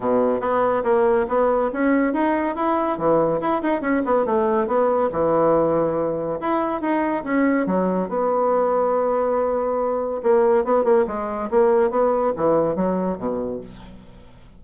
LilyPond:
\new Staff \with { instrumentName = "bassoon" } { \time 4/4 \tempo 4 = 141 b,4 b4 ais4 b4 | cis'4 dis'4 e'4 e4 | e'8 dis'8 cis'8 b8 a4 b4 | e2. e'4 |
dis'4 cis'4 fis4 b4~ | b1 | ais4 b8 ais8 gis4 ais4 | b4 e4 fis4 b,4 | }